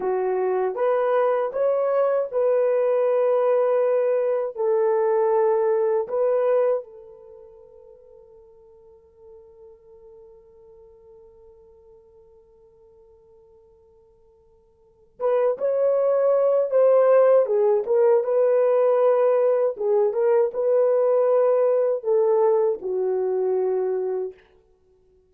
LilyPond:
\new Staff \with { instrumentName = "horn" } { \time 4/4 \tempo 4 = 79 fis'4 b'4 cis''4 b'4~ | b'2 a'2 | b'4 a'2.~ | a'1~ |
a'1 | b'8 cis''4. c''4 gis'8 ais'8 | b'2 gis'8 ais'8 b'4~ | b'4 a'4 fis'2 | }